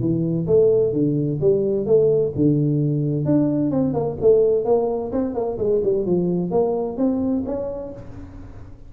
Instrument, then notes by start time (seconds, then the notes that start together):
tuba
0.00 E3
0.47 A3
0.93 D3
1.41 G3
1.86 A3
2.36 D3
3.25 D4
3.71 C4
3.93 A#3
4.21 A3
4.65 A#3
5.12 C4
5.34 A#3
5.58 G#3
5.84 G3
6.05 F3
6.51 A#3
6.97 C4
7.46 C#4